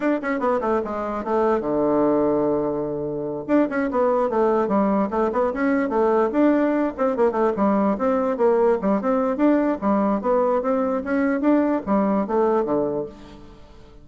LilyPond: \new Staff \with { instrumentName = "bassoon" } { \time 4/4 \tempo 4 = 147 d'8 cis'8 b8 a8 gis4 a4 | d1~ | d8 d'8 cis'8 b4 a4 g8~ | g8 a8 b8 cis'4 a4 d'8~ |
d'4 c'8 ais8 a8 g4 c'8~ | c'8 ais4 g8 c'4 d'4 | g4 b4 c'4 cis'4 | d'4 g4 a4 d4 | }